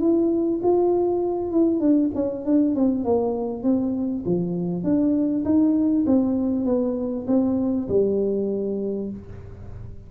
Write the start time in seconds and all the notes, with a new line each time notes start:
0.00 E4
0.63 F4
1.52 E4
1.80 D4
2.15 C#4
2.45 D4
2.75 C4
3.04 A#3
3.63 C4
4.26 F3
4.84 D4
5.45 D#4
6.06 C4
6.65 B3
7.27 C4
7.89 G3